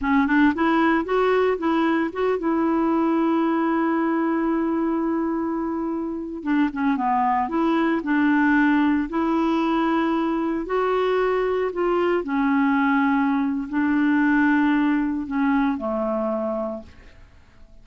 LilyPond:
\new Staff \with { instrumentName = "clarinet" } { \time 4/4 \tempo 4 = 114 cis'8 d'8 e'4 fis'4 e'4 | fis'8 e'2.~ e'8~ | e'1~ | e'16 d'8 cis'8 b4 e'4 d'8.~ |
d'4~ d'16 e'2~ e'8.~ | e'16 fis'2 f'4 cis'8.~ | cis'2 d'2~ | d'4 cis'4 a2 | }